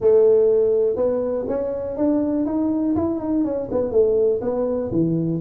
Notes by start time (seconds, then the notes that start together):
0.00 A3
0.95 B3
1.48 C#4
1.96 D4
2.45 D#4
2.95 E4
3.19 D#4
3.44 C#4
3.71 B3
3.91 A3
4.41 B3
4.91 E3